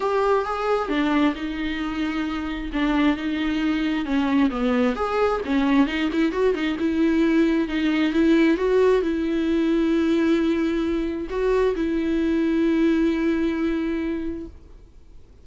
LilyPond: \new Staff \with { instrumentName = "viola" } { \time 4/4 \tempo 4 = 133 g'4 gis'4 d'4 dis'4~ | dis'2 d'4 dis'4~ | dis'4 cis'4 b4 gis'4 | cis'4 dis'8 e'8 fis'8 dis'8 e'4~ |
e'4 dis'4 e'4 fis'4 | e'1~ | e'4 fis'4 e'2~ | e'1 | }